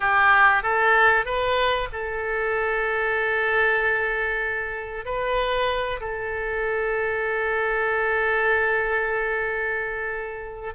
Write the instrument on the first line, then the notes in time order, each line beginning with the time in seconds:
oboe
0.00 G4
0.62 A4
1.25 B4
1.92 A4
5.05 B4
6.00 A4